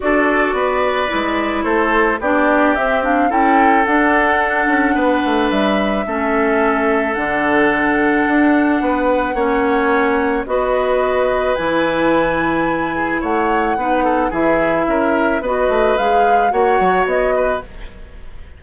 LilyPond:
<<
  \new Staff \with { instrumentName = "flute" } { \time 4/4 \tempo 4 = 109 d''2. c''4 | d''4 e''8 f''8 g''4 fis''4~ | fis''2 e''2~ | e''4 fis''2.~ |
fis''2. dis''4~ | dis''4 gis''2. | fis''2 e''2 | dis''4 f''4 fis''4 dis''4 | }
  \new Staff \with { instrumentName = "oboe" } { \time 4/4 a'4 b'2 a'4 | g'2 a'2~ | a'4 b'2 a'4~ | a'1 |
b'4 cis''2 b'4~ | b'2.~ b'8 gis'8 | cis''4 b'8 a'8 gis'4 ais'4 | b'2 cis''4. b'8 | }
  \new Staff \with { instrumentName = "clarinet" } { \time 4/4 fis'2 e'2 | d'4 c'8 d'8 e'4 d'4~ | d'2. cis'4~ | cis'4 d'2.~ |
d'4 cis'2 fis'4~ | fis'4 e'2.~ | e'4 dis'4 e'2 | fis'4 gis'4 fis'2 | }
  \new Staff \with { instrumentName = "bassoon" } { \time 4/4 d'4 b4 gis4 a4 | b4 c'4 cis'4 d'4~ | d'8 cis'8 b8 a8 g4 a4~ | a4 d2 d'4 |
b4 ais2 b4~ | b4 e2. | a4 b4 e4 cis'4 | b8 a8 gis4 ais8 fis8 b4 | }
>>